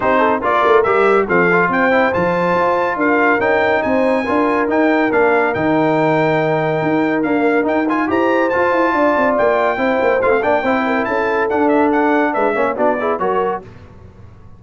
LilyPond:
<<
  \new Staff \with { instrumentName = "trumpet" } { \time 4/4 \tempo 4 = 141 c''4 d''4 e''4 f''4 | g''4 a''2 f''4 | g''4 gis''2 g''4 | f''4 g''2.~ |
g''4 f''4 g''8 gis''8 ais''4 | a''2 g''2 | f''8 g''4. a''4 fis''8 e''8 | fis''4 e''4 d''4 cis''4 | }
  \new Staff \with { instrumentName = "horn" } { \time 4/4 g'8 a'8 ais'2 a'4 | c''2. ais'4~ | ais'4 c''4 ais'2~ | ais'1~ |
ais'2. c''4~ | c''4 d''2 c''4~ | c''8 d''8 c''8 ais'8 a'2~ | a'4 b'8 cis''8 fis'8 gis'8 ais'4 | }
  \new Staff \with { instrumentName = "trombone" } { \time 4/4 dis'4 f'4 g'4 c'8 f'8~ | f'8 e'8 f'2. | dis'2 f'4 dis'4 | d'4 dis'2.~ |
dis'4 ais4 dis'8 f'8 g'4 | f'2. e'4 | f'16 c'16 d'8 e'2 d'4~ | d'4. cis'8 d'8 e'8 fis'4 | }
  \new Staff \with { instrumentName = "tuba" } { \time 4/4 c'4 ais8 a8 g4 f4 | c'4 f4 f'4 d'4 | cis'4 c'4 d'4 dis'4 | ais4 dis2. |
dis'4 d'4 dis'4 e'4 | f'8 e'8 d'8 c'8 ais4 c'8 ais8 | a8 ais8 c'4 cis'4 d'4~ | d'4 gis8 ais8 b4 fis4 | }
>>